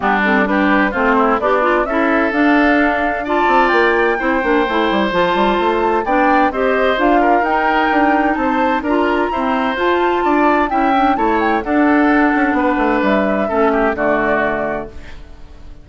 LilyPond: <<
  \new Staff \with { instrumentName = "flute" } { \time 4/4 \tempo 4 = 129 g'8 a'8 b'4 c''4 d''4 | e''4 f''2 a''4 | g''2. a''4~ | a''4 g''4 dis''4 f''4 |
g''2 a''4 ais''4~ | ais''4 a''2 g''4 | a''8 g''8 fis''2. | e''2 d''2 | }
  \new Staff \with { instrumentName = "oboe" } { \time 4/4 d'4 g'4 f'8 e'8 d'4 | a'2. d''4~ | d''4 c''2.~ | c''4 d''4 c''4. ais'8~ |
ais'2 c''4 ais'4 | c''2 d''4 e''4 | cis''4 a'2 b'4~ | b'4 a'8 g'8 fis'2 | }
  \new Staff \with { instrumentName = "clarinet" } { \time 4/4 b8 c'8 d'4 c'4 g'8 f'8 | e'4 d'2 f'4~ | f'4 e'8 d'8 e'4 f'4~ | f'4 d'4 g'4 f'4 |
dis'2. f'4 | c'4 f'2 e'8 d'8 | e'4 d'2.~ | d'4 cis'4 a2 | }
  \new Staff \with { instrumentName = "bassoon" } { \time 4/4 g2 a4 b4 | cis'4 d'2~ d'8 c'8 | ais4 c'8 ais8 a8 g8 f8 g8 | a4 b4 c'4 d'4 |
dis'4 d'4 c'4 d'4 | e'4 f'4 d'4 cis'4 | a4 d'4. cis'8 b8 a8 | g4 a4 d2 | }
>>